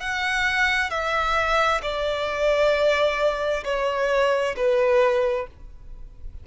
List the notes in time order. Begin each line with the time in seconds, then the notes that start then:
0.00 F#5
0.90 E5
1.82 D5
3.64 C#5
4.56 B4